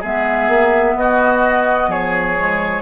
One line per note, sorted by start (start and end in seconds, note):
0.00 0.48 G#3
0.00 2.37 B3
0.00 0.94 G#4
0.00 0.98 E5
0.48 0.94 A#3
0.94 1.87 B3
0.94 1.90 F#4
0.94 1.91 D#5
1.87 2.81 F3
1.87 2.82 G#4
1.87 2.82 C#5
2.37 2.82 G#3